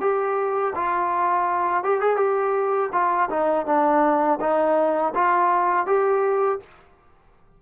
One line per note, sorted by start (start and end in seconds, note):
0.00 0.73 G4
0.75 1.84 F4
1.84 2.01 G4
2.01 2.16 G#4
2.16 2.89 G4
2.92 3.29 F4
3.30 3.66 D#4
3.66 4.39 D4
4.40 5.13 D#4
5.15 5.86 F4
5.86 6.60 G4